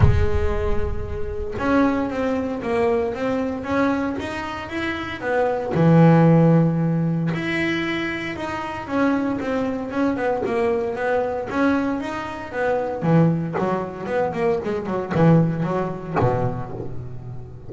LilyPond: \new Staff \with { instrumentName = "double bass" } { \time 4/4 \tempo 4 = 115 gis2. cis'4 | c'4 ais4 c'4 cis'4 | dis'4 e'4 b4 e4~ | e2 e'2 |
dis'4 cis'4 c'4 cis'8 b8 | ais4 b4 cis'4 dis'4 | b4 e4 fis4 b8 ais8 | gis8 fis8 e4 fis4 b,4 | }